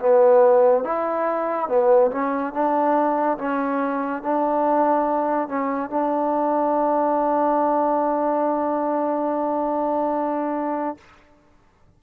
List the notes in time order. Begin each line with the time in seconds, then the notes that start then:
0.00 B3
0.84 E4
1.69 B3
2.12 C#4
2.54 D4
3.38 C#4
4.23 D4
5.49 C#4
5.90 D4